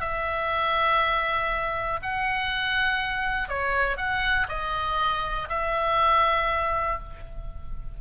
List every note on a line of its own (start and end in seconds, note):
0.00 2.00 E5
2.02 3.48 F#5
3.48 3.97 C#5
3.97 4.47 F#5
4.48 5.48 D#5
5.49 6.99 E5